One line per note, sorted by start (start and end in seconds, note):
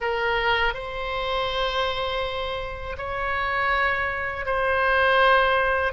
0.00 0.74 A#4
0.74 2.96 C5
2.97 4.45 C#5
4.45 5.92 C5